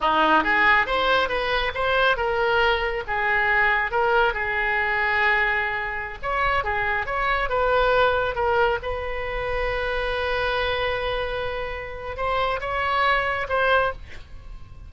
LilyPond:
\new Staff \with { instrumentName = "oboe" } { \time 4/4 \tempo 4 = 138 dis'4 gis'4 c''4 b'4 | c''4 ais'2 gis'4~ | gis'4 ais'4 gis'2~ | gis'2~ gis'16 cis''4 gis'8.~ |
gis'16 cis''4 b'2 ais'8.~ | ais'16 b'2.~ b'8.~ | b'1 | c''4 cis''2 c''4 | }